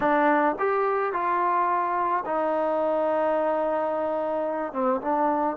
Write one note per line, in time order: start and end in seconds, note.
0.00 0.55 D4
0.58 1.12 G4
1.12 2.23 F4
2.25 4.72 D#4
4.72 5.00 C4
5.01 5.57 D4